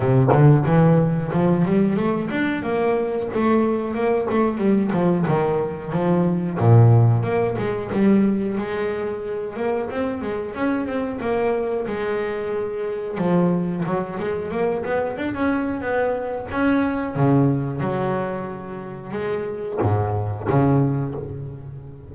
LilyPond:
\new Staff \with { instrumentName = "double bass" } { \time 4/4 \tempo 4 = 91 c8 d8 e4 f8 g8 a8 d'8 | ais4 a4 ais8 a8 g8 f8 | dis4 f4 ais,4 ais8 gis8 | g4 gis4. ais8 c'8 gis8 |
cis'8 c'8 ais4 gis2 | f4 fis8 gis8 ais8 b8 d'16 cis'8. | b4 cis'4 cis4 fis4~ | fis4 gis4 gis,4 cis4 | }